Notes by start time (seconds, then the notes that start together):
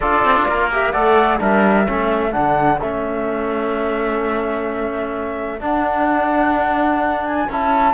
0.00 D4 F4 A4 D5
0.24 C4
0.35 D4
0.47 A#3 A#4
0.72 G4 E5
0.91 A3 A4 D5 F#5
1.38 G3 D4 A#4 E5
1.85 A3 C#4 A4
2.31 D3 D4 F#5
2.79 A3 C#4 E5
5.60 D4 F#5
7.26 G#5
7.49 C#4 E4 A5